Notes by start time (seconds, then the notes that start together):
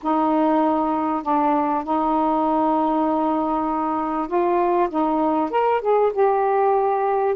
0.02 D#4
1.22 D4
1.83 D#4
4.27 F4
4.89 D#4
5.50 A#4
5.81 G#4
6.12 G4